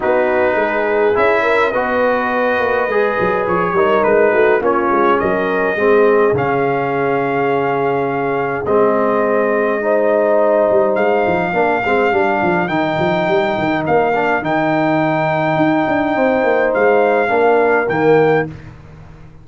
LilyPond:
<<
  \new Staff \with { instrumentName = "trumpet" } { \time 4/4 \tempo 4 = 104 b'2 e''4 dis''4~ | dis''2 cis''4 b'4 | cis''4 dis''2 f''4~ | f''2. dis''4~ |
dis''2. f''4~ | f''2 g''2 | f''4 g''2.~ | g''4 f''2 g''4 | }
  \new Staff \with { instrumentName = "horn" } { \time 4/4 fis'4 gis'4. ais'8 b'4~ | b'2~ b'8 ais'4 fis'8 | f'4 ais'4 gis'2~ | gis'1~ |
gis'4 c''2. | ais'1~ | ais'1 | c''2 ais'2 | }
  \new Staff \with { instrumentName = "trombone" } { \time 4/4 dis'2 e'4 fis'4~ | fis'4 gis'4. dis'4. | cis'2 c'4 cis'4~ | cis'2. c'4~ |
c'4 dis'2. | d'8 c'8 d'4 dis'2~ | dis'8 d'8 dis'2.~ | dis'2 d'4 ais4 | }
  \new Staff \with { instrumentName = "tuba" } { \time 4/4 b4 gis4 cis'4 b4~ | b8 ais8 gis8 fis8 f8 g8 gis8 a8 | ais8 gis8 fis4 gis4 cis4~ | cis2. gis4~ |
gis2~ gis8 g8 gis8 f8 | ais8 gis8 g8 f8 dis8 f8 g8 dis8 | ais4 dis2 dis'8 d'8 | c'8 ais8 gis4 ais4 dis4 | }
>>